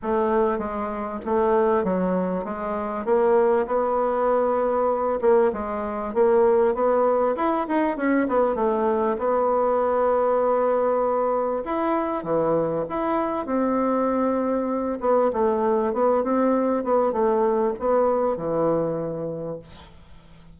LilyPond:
\new Staff \with { instrumentName = "bassoon" } { \time 4/4 \tempo 4 = 98 a4 gis4 a4 fis4 | gis4 ais4 b2~ | b8 ais8 gis4 ais4 b4 | e'8 dis'8 cis'8 b8 a4 b4~ |
b2. e'4 | e4 e'4 c'2~ | c'8 b8 a4 b8 c'4 b8 | a4 b4 e2 | }